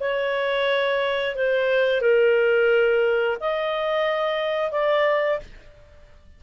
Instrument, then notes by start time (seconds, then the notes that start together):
clarinet
0.00 C#5
1.36 C5
2.01 A#4
3.41 D#5
4.72 D5